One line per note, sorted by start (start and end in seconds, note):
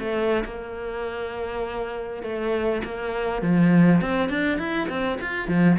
0.00 0.45 A3
0.45 2.23 A#3
2.23 2.83 A3
2.85 3.43 A#3
3.43 4.02 F3
4.02 4.30 C4
4.30 4.59 D4
4.59 4.88 E4
4.89 5.19 C4
5.21 5.49 F4
5.49 5.78 F3